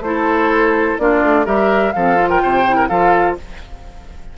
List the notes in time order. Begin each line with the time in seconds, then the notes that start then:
0.00 A3 E4 C5
0.06 A4
0.98 A#3 D4 F4 D5
1.22 A3
1.45 G3 G4 A#4 E5
1.93 F3 C4 A4 F5
2.16 F4
2.29 A#4 G5
2.43 C3 C5
2.68 E4
2.76 A#4
2.88 F3 F4 A4 F5